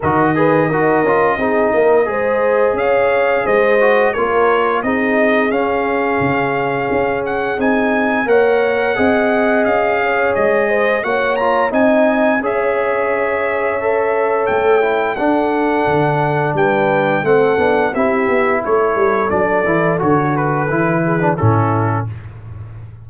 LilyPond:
<<
  \new Staff \with { instrumentName = "trumpet" } { \time 4/4 \tempo 4 = 87 dis''1 | f''4 dis''4 cis''4 dis''4 | f''2~ f''8 fis''8 gis''4 | fis''2 f''4 dis''4 |
fis''8 ais''8 gis''4 e''2~ | e''4 g''4 fis''2 | g''4 fis''4 e''4 cis''4 | d''4 cis''8 b'4. a'4 | }
  \new Staff \with { instrumentName = "horn" } { \time 4/4 ais'8 b'8 ais'4 gis'8 ais'8 c''4 | cis''4 c''4 ais'4 gis'4~ | gis'1 | cis''4 dis''4. cis''4 c''8 |
cis''4 dis''4 cis''2~ | cis''2 a'2 | b'4 a'4 g'4 a'4~ | a'2~ a'8 gis'8 e'4 | }
  \new Staff \with { instrumentName = "trombone" } { \time 4/4 fis'8 gis'8 fis'8 f'8 dis'4 gis'4~ | gis'4. fis'8 f'4 dis'4 | cis'2. dis'4 | ais'4 gis'2. |
fis'8 f'8 dis'4 gis'2 | a'4. e'8 d'2~ | d'4 c'8 d'8 e'2 | d'8 e'8 fis'4 e'8. d'16 cis'4 | }
  \new Staff \with { instrumentName = "tuba" } { \time 4/4 dis4 dis'8 cis'8 c'8 ais8 gis4 | cis'4 gis4 ais4 c'4 | cis'4 cis4 cis'4 c'4 | ais4 c'4 cis'4 gis4 |
ais4 c'4 cis'2~ | cis'4 a4 d'4 d4 | g4 a8 b8 c'8 b8 a8 g8 | fis8 e8 d4 e4 a,4 | }
>>